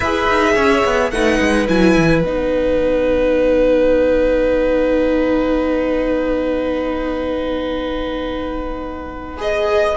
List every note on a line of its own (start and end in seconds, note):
0.00 0.28 E4
0.00 1.12 G#4
0.00 0.52 B4
0.00 1.11 E5
0.28 0.56 D#4
0.54 0.84 C#4
0.54 1.10 C#5
0.84 1.11 B3
1.11 1.39 A3
1.11 1.67 D#4
1.11 9.96 B4
1.11 1.67 F#5
1.39 1.68 G#3
1.67 1.96 F#3
1.67 2.23 E4
1.67 2.22 G#5
1.96 2.23 E3
2.22 9.94 B3
2.22 9.37 D#4
2.22 9.37 F#5
9.37 9.93 G#4
9.37 9.96 D#5